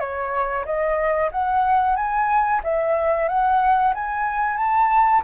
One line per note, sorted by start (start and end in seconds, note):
0.00 0.65 C#5
0.66 1.31 D#5
1.32 1.97 F#5
1.97 2.62 G#5
2.64 3.29 E5
3.29 3.94 F#5
3.95 4.57 G#5
4.57 5.22 A5